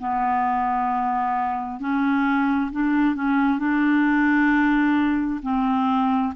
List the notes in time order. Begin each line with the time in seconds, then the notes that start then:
0.00 B3
1.81 C#4
2.72 D4
3.16 C#4
3.59 D4
5.43 C4